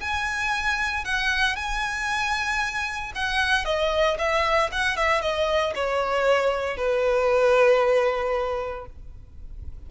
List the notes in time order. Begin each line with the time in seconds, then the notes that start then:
0.00 G#5
1.05 F#5
1.56 G#5
3.15 F#5
3.65 D#5
4.18 E5
4.72 F#5
4.97 E5
5.21 D#5
5.75 C#5
6.77 B4